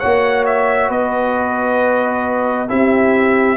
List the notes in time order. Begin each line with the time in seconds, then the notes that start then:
0.00 A#3 F#4 C#5 F#5
0.46 E5
0.89 B3 B4 D#5
2.68 C4 E4 G4 E5